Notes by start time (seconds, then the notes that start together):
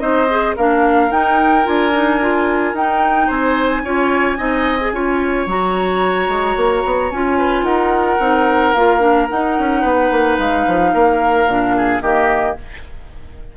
0.00 C4 D#4 C5 D#5
0.30 G#4
0.57 A#3 D4 A#4 F5
1.11 D#4 G5
1.64 D4 F4 G#5
1.94 D#4
2.21 F4
2.74 D#4 G5
3.28 C4 C5 G#5
3.84 C#4 F4 C#5
4.38 C4 D#4 D#5
4.81 G#4
4.92 C#4 F4 C#5
5.47 F#3 F#4 A#5
6.29 G#3
6.57 A#3
6.86 B3
7.11 C#4 F4 G#5
7.39 B4
7.63 D#4 A#4 F#5
8.20 C4 D#4
8.74 A#3 F4 F5
9.00 D4
9.30 D#4 F#5
9.59 C#4
9.82 B3 B4
10.11 A#3
10.39 G#3 F5
10.68 F3
10.94 A#3 A#4
11.47 A#2 D4
11.77 G#4
12.02 D#3 A#3 G4 D#5